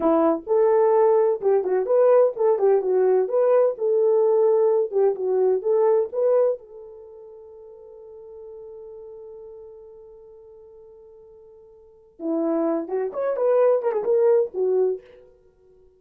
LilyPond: \new Staff \with { instrumentName = "horn" } { \time 4/4 \tempo 4 = 128 e'4 a'2 g'8 fis'8 | b'4 a'8 g'8 fis'4 b'4 | a'2~ a'8 g'8 fis'4 | a'4 b'4 a'2~ |
a'1~ | a'1~ | a'2 e'4. fis'8 | cis''8 b'4 ais'16 gis'16 ais'4 fis'4 | }